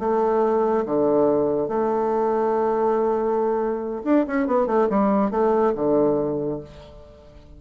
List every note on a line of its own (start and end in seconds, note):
0.00 0.85 A3
0.86 1.68 D3
1.68 4.03 A3
4.05 4.26 D4
4.28 4.48 C#4
4.48 4.67 B3
4.67 4.88 A3
4.90 5.31 G3
5.31 5.73 A3
5.75 6.61 D3